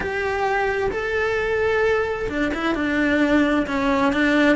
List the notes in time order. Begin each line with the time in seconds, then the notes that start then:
0.00 G4
0.91 A4
2.29 D4
2.53 E4
2.74 D4
3.66 C#4
4.12 D4